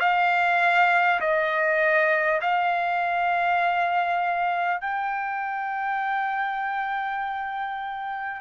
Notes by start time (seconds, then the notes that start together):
0.00 F5
1.21 D#5
2.41 F5
4.81 G5